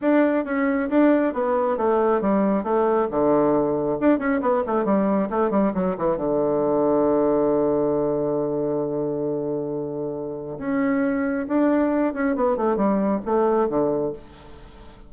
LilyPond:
\new Staff \with { instrumentName = "bassoon" } { \time 4/4 \tempo 4 = 136 d'4 cis'4 d'4 b4 | a4 g4 a4 d4~ | d4 d'8 cis'8 b8 a8 g4 | a8 g8 fis8 e8 d2~ |
d1~ | d1 | cis'2 d'4. cis'8 | b8 a8 g4 a4 d4 | }